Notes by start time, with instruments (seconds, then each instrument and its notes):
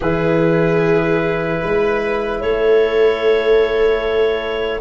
0.00 tuba E3, trombone E4, viola G#4, clarinet B4
1.61 tuba G#3, viola B4
2.40 tuba A3, viola A4, clarinet C#5